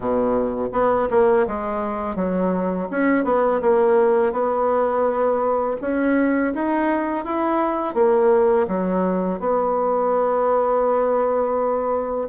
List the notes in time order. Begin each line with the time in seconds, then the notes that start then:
0.00 B2
0.72 B3
1.10 A#3
1.47 G#3
2.15 F#3
2.90 C#4
3.24 B3
3.61 A#3
4.32 B3
5.81 C#4
6.54 D#4
7.24 E4
7.94 A#3
8.67 F#3
9.39 B3